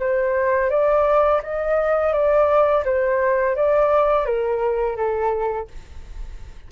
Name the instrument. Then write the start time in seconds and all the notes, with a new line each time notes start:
flute
0.00 C5
0.70 D5
1.43 D#5
2.13 D5
2.85 C5
3.56 D5
4.26 A#4
4.97 A4